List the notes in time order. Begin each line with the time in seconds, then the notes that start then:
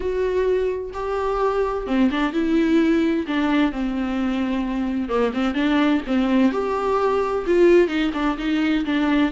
0.00 F#4
0.93 G4
1.86 C4
2.10 D4
2.33 E4
3.27 D4
3.72 C4
5.08 A#3
5.33 C4
5.54 D4
6.06 C4
6.52 G4
7.46 F4
7.88 D#4
8.13 D4
8.38 D#4
8.85 D4